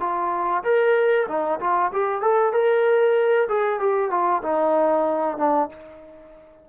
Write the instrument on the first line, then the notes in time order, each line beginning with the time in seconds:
trombone
0.00 F4
0.64 A#4
1.28 D#4
1.60 F4
1.92 G4
2.22 A4
2.53 A#4
3.49 G#4
3.80 G4
4.10 F4
4.43 D#4
5.38 D4